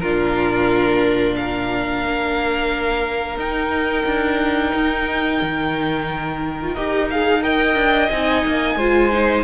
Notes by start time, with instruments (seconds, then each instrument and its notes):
0.00 cello A#2, viola D4, violin F4 A#4
1.36 violin A#4 F5
2.04 cello A#3
3.37 cello D#4, viola D#4, violin G5
4.06 cello D4
4.75 cello D#4
5.42 cello D#3
6.61 viola F4
6.75 cello D#4, viola G4, violin D#5
7.10 viola G#4, violin F5
7.42 viola A#4, violin D#5 G5
7.75 cello D4
8.10 cello C4, viola D#4, violin G#5
8.46 cello A#3
8.76 cello G#3, viola F4, violin C5
9.12 viola D#4